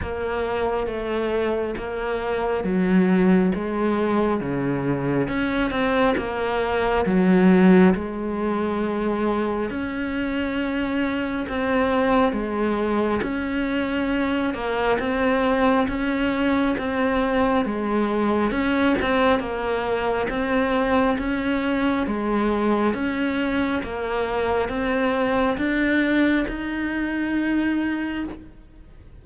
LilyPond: \new Staff \with { instrumentName = "cello" } { \time 4/4 \tempo 4 = 68 ais4 a4 ais4 fis4 | gis4 cis4 cis'8 c'8 ais4 | fis4 gis2 cis'4~ | cis'4 c'4 gis4 cis'4~ |
cis'8 ais8 c'4 cis'4 c'4 | gis4 cis'8 c'8 ais4 c'4 | cis'4 gis4 cis'4 ais4 | c'4 d'4 dis'2 | }